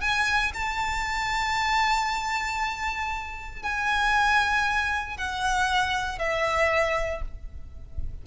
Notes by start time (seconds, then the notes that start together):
0.00 G#5
0.53 A5
3.62 G#5
5.17 F#5
6.18 E5